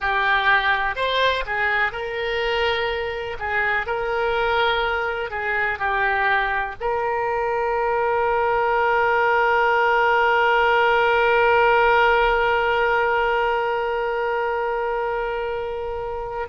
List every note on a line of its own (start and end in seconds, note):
0.00 0.95 G4
0.95 1.44 C5
1.46 1.92 G#4
1.92 3.37 A#4
3.39 3.86 G#4
3.86 5.30 A#4
5.30 5.78 G#4
5.78 6.75 G4
6.80 16.48 A#4